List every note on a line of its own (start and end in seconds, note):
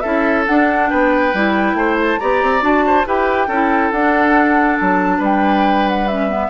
0.00 0.48 C#4
0.00 0.47 E4
0.00 0.89 A4
0.00 0.43 E5
0.47 0.92 D4
0.47 1.35 D4
0.47 0.90 F#5
0.90 1.34 B3
0.90 1.76 B4
0.90 1.98 G5
1.34 1.74 G3
1.34 2.20 E4
1.74 2.17 A3
1.74 2.20 C5
2.02 2.19 A5
2.19 2.43 B3
2.19 2.61 G4
2.19 2.85 D5
2.19 2.63 A#5
2.43 2.62 C4
2.61 3.05 D4
2.61 3.04 F#4
2.61 3.07 A5
2.87 3.07 C5
3.06 3.48 E4
3.06 3.49 G4
3.06 3.48 B4
3.06 3.91 G5
3.48 3.91 C#4
3.48 3.94 E4
3.48 5.18 A4
3.91 4.78 D4
3.91 6.10 D4
3.91 4.78 F#5
4.79 5.20 F#3
4.79 5.22 A5
5.18 6.49 G3
5.18 6.47 B4
5.25 5.89 G5
5.89 6.08 F#5
6.08 6.29 C#4
6.08 6.50 E5
6.29 6.50 B3